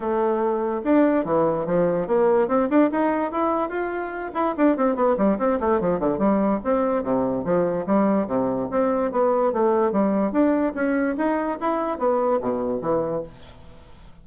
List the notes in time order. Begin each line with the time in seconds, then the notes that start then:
0.00 A3
0.84 D4
1.24 E3
1.66 F3
2.07 A#3
2.48 C4
2.69 D4
2.91 D#4
3.31 E4
3.69 F4
4.34 E4
4.57 D4
4.76 C4
4.95 B3
5.17 G3
5.38 C4
5.60 A3
5.80 F3
5.99 D3
6.18 G3
6.64 C4
7.03 C3
7.44 F3
7.86 G3
8.27 C3
8.70 C4
9.11 B3
9.52 A3
9.92 G3
10.31 D4
10.74 C#4
11.17 D#4
11.60 E4
11.98 B3
12.41 B2
12.81 E3